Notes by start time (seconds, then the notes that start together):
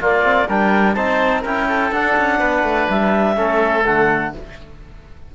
0.00 A#3 F4 D5
0.23 C4
0.48 G3 D4 A#4 G5
0.94 C4 D#4 C5 A5
1.41 C#4 E4 A#4 G5
1.68 A4
1.91 D4 F#5
2.17 C#4
2.39 B3 B4
2.63 A3
2.89 G3 E5
3.35 A3 C#4 A4
3.85 D3 A3 F#5